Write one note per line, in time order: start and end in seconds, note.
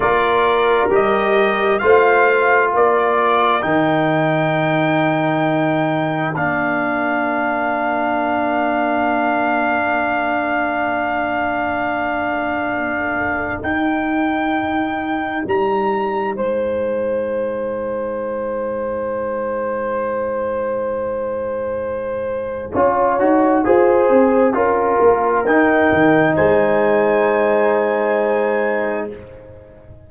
0.00 0.88 A#3
0.00 0.90 F4
0.00 1.82 A#4
0.00 0.90 D5
0.89 1.80 G3
0.89 1.80 G4
0.89 1.79 D#5
1.79 2.73 A3
1.79 3.61 F4
1.79 2.72 C5
1.79 2.70 F5
2.72 3.63 A#3
2.72 16.35 A#4
2.72 3.62 D5
3.61 6.35 D#3
3.61 6.34 D#4
3.61 6.35 G5
6.35 13.62 A#3
6.35 13.62 D4
6.35 13.62 F5
13.62 15.44 D#4
13.62 22.71 D#4
13.62 15.45 G5
15.46 16.36 G3
15.46 16.35 A#5
16.35 22.73 G#3
16.35 22.72 C5
16.35 25.44 G#5
22.72 23.19 C#4
22.72 23.19 F4
22.72 23.63 C#5
23.19 23.65 D#4
23.19 23.64 F#4
23.64 24.09 F4
23.64 24.53 G#4
23.64 24.55 C5
24.09 24.53 C4
24.53 24.98 C#4
24.53 25.44 F4
24.53 26.34 A#4
25.00 25.45 A#3
25.45 25.91 D#4
25.45 29.10 D#4
25.45 26.35 G5
25.91 26.37 D#3
26.34 29.10 G#3
26.34 29.07 C5
26.34 29.08 G#5